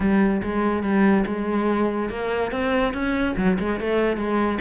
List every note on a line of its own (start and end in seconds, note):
0.00 0.41 G3
0.42 0.83 G#3
0.83 1.25 G3
1.26 2.09 G#3
2.09 2.51 A#3
2.51 2.93 C4
2.93 3.35 C#4
3.36 3.57 F#3
3.59 3.80 G#3
3.80 4.16 A3
4.16 4.58 G#3